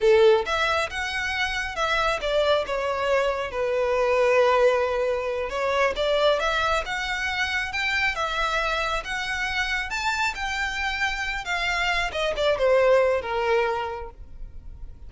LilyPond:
\new Staff \with { instrumentName = "violin" } { \time 4/4 \tempo 4 = 136 a'4 e''4 fis''2 | e''4 d''4 cis''2 | b'1~ | b'8 cis''4 d''4 e''4 fis''8~ |
fis''4. g''4 e''4.~ | e''8 fis''2 a''4 g''8~ | g''2 f''4. dis''8 | d''8 c''4. ais'2 | }